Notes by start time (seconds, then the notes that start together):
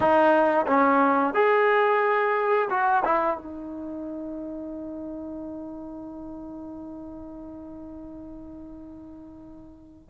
0.00 D#4
0.66 C#4
1.34 G#4
2.70 F#4
3.04 E4
3.37 D#4